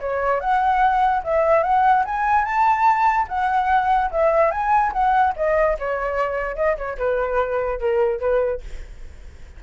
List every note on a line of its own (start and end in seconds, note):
0.00 0.40 C#5
0.40 1.22 F#5
1.24 1.63 E5
1.63 2.04 F#5
2.05 2.44 G#5
2.44 3.26 A5
3.28 4.10 F#5
4.11 4.51 E5
4.51 4.92 G#5
4.92 5.33 F#5
5.36 5.77 D#5
5.79 6.56 C#5
6.56 6.76 D#5
6.77 6.97 C#5
6.98 7.79 B4
7.79 8.20 A#4
8.20 8.61 B4